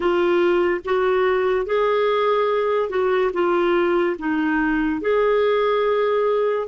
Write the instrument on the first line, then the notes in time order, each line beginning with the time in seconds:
clarinet
0.00 F4
0.84 F#4
1.66 G#4
2.89 F#4
3.33 F4
4.18 D#4
5.01 G#4